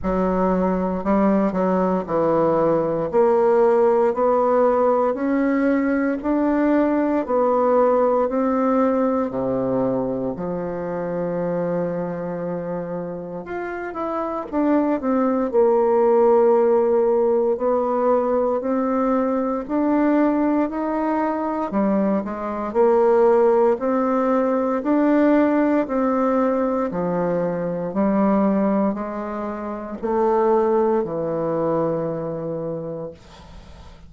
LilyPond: \new Staff \with { instrumentName = "bassoon" } { \time 4/4 \tempo 4 = 58 fis4 g8 fis8 e4 ais4 | b4 cis'4 d'4 b4 | c'4 c4 f2~ | f4 f'8 e'8 d'8 c'8 ais4~ |
ais4 b4 c'4 d'4 | dis'4 g8 gis8 ais4 c'4 | d'4 c'4 f4 g4 | gis4 a4 e2 | }